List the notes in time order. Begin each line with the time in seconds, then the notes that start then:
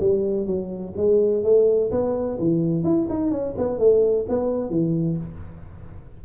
0.00 G3
0.46 F#3
0.97 G#3
1.43 A3
1.91 B3
2.39 E3
2.84 E4
3.09 D#4
3.31 C#4
3.58 B3
3.78 A3
4.29 B3
4.70 E3